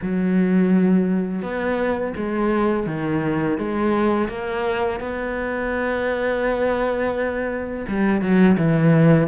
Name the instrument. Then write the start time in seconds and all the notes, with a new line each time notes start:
cello
0.02 F#3
1.42 B3
2.16 G#3
2.86 D#3
3.57 G#3
4.28 A#3
4.99 B3
7.88 G3
8.21 F#3
8.57 E3